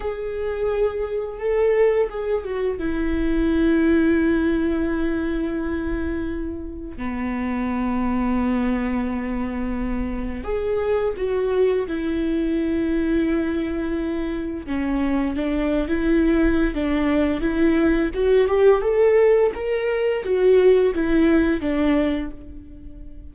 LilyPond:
\new Staff \with { instrumentName = "viola" } { \time 4/4 \tempo 4 = 86 gis'2 a'4 gis'8 fis'8 | e'1~ | e'2 b2~ | b2. gis'4 |
fis'4 e'2.~ | e'4 cis'4 d'8. e'4~ e'16 | d'4 e'4 fis'8 g'8 a'4 | ais'4 fis'4 e'4 d'4 | }